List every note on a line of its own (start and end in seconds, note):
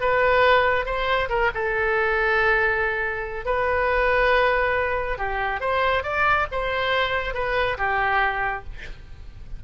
0.00 0.85 B4
0.85 1.29 C5
1.29 1.51 A#4
1.54 3.45 A4
3.45 5.18 B4
5.18 5.60 G4
5.60 6.03 C5
6.03 6.46 D5
6.51 7.34 C5
7.34 7.77 B4
7.77 8.64 G4